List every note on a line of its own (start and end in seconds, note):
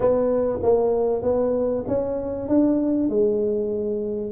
0.00 0.59 B3
0.62 1.22 A#3
1.22 1.84 B3
1.87 2.48 C#4
2.48 3.09 D4
3.09 4.31 G#3